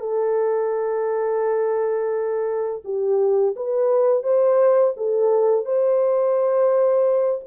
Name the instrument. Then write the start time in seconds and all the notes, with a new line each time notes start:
horn
0.00 A4
2.85 G4
3.56 B4
4.23 C5
4.97 A4
5.65 C5